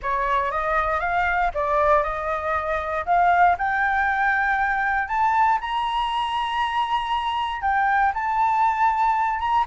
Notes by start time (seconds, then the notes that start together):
0.02 C#5
0.51 D#5
1.00 F5
1.54 D5
2.03 D#5
3.05 F5
3.58 G5
5.08 A5
5.60 A#5
7.61 G5
8.14 A5
9.39 A#5